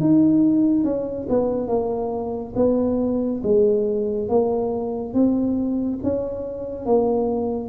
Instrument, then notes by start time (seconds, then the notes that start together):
tuba
0.00 D#4
0.84 C#4
1.29 B3
1.68 A#3
2.56 B3
3.43 G#3
4.29 A#3
5.14 C4
6.03 C#4
6.86 A#3